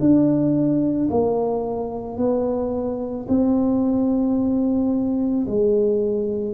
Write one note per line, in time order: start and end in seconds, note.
0.00 1.09 D4
1.11 2.18 A#3
2.18 3.27 B3
3.29 5.47 C4
5.47 6.55 G#3